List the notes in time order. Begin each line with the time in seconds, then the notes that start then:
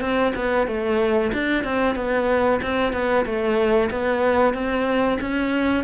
0.00 C4
0.35 B3
0.67 A3
1.33 D4
1.64 C4
1.95 B3
2.62 C4
2.92 B3
3.25 A3
3.90 B3
4.54 C4
5.20 C#4